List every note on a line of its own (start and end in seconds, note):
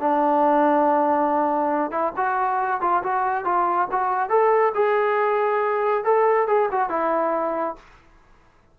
0.00 1.91 D4
1.91 2.12 E4
2.17 2.81 F#4
2.81 3.03 F4
3.03 3.45 F#4
3.45 3.88 F4
3.91 4.30 F#4
4.30 4.73 A4
4.75 6.04 G#4
6.04 6.47 A4
6.47 6.69 G#4
6.71 6.89 F#4
6.89 7.76 E4